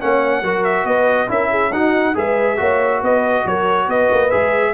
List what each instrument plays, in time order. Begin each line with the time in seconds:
0.00 tuba A#3, trombone C#4, horn C#5, trumpet F#5
0.42 tuba F#3, trombone F#4, horn A#4
0.64 trumpet E5
0.84 tuba B3, horn B4, trumpet D#5
1.28 tuba C#4, trombone E4, horn A#4, trumpet E5
1.50 horn G#4
1.72 tuba D#4, trombone D#4, horn F#4, trumpet F#5
2.14 tuba G#3, trombone G#4, horn B4, trumpet E5
2.57 tuba A#3, trombone F#4, horn C#5
3.01 tuba B3, horn B4, trumpet D#5
3.45 tuba F#3, horn A#4, trumpet C#5
3.86 tuba B3, horn B4, trumpet D#5
4.10 tuba A#3
4.30 tuba G#3, trombone G#4, trumpet E5